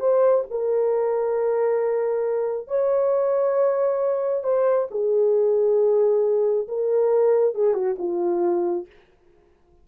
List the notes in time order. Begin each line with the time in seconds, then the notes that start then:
0.00 C5
0.51 A#4
2.68 C#5
4.44 C5
4.91 G#4
6.68 A#4
7.55 G#4
7.74 F#4
7.98 F4